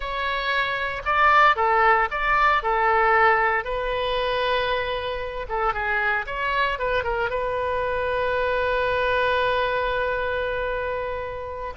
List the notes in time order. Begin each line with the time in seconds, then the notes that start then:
0.00 C#5
1.05 D5
1.56 A4
2.10 D5
2.63 A4
3.64 B4
5.49 A4
5.73 G#4
6.26 C#5
6.78 B4
7.03 A#4
7.29 B4